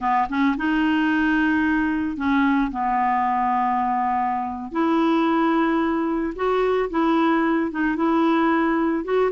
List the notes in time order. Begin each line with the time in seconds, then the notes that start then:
0.00 B3
0.29 C#4
0.57 D#4
2.16 C#4
2.71 B3
4.71 E4
6.35 F#4
6.90 E4
7.71 D#4
7.96 E4
9.04 F#4